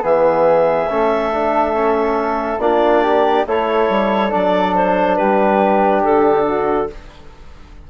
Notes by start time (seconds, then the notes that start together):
0.00 E3 B3 G#4 E5
0.89 A3 C#4 A4
1.32 D4
1.74 C#4
2.58 A#3 D4 F4 D5
3.02 G4
3.46 A3 E4 A4 C#5
3.89 G3
4.30 F#3 D4 D5
4.75 C5
5.16 G3 G4 B4
6.03 D3 A4
6.44 F#4